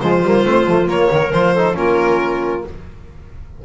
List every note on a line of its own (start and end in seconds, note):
0.00 0.22 F3
0.00 0.24 G#3
0.00 1.11 F4
0.00 0.88 C5
0.22 0.44 G3
0.22 0.44 A#3
0.44 0.67 A3
0.44 0.66 C4
0.67 0.87 F3
0.67 0.87 A3
0.87 1.09 A#3
0.87 1.31 A#3
0.87 1.32 C#5
1.11 1.33 D#3
1.11 1.54 A#4
1.32 1.76 F3
1.32 1.56 F4
1.32 1.76 C5
1.54 1.74 D#4
1.54 1.76 A4
1.74 2.64 A#3
1.74 2.62 C#4
1.74 2.65 F4
1.74 2.65 A#4